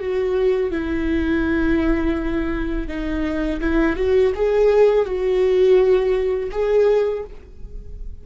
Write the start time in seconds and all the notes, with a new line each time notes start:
0.00 F#4
0.71 E4
2.88 D#4
3.61 E4
3.97 F#4
4.35 G#4
5.06 F#4
6.52 G#4